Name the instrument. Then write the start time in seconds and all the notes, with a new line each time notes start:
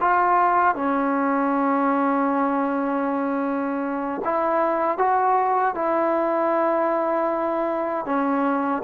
trombone
0.00 F4
0.75 C#4
4.24 E4
4.98 F#4
5.74 E4
8.05 C#4